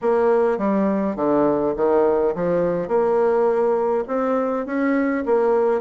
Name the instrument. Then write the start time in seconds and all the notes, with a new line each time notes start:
bassoon
0.01 A#3
0.57 G3
1.15 D3
1.76 D#3
2.35 F3
2.88 A#3
4.07 C4
4.66 C#4
5.25 A#3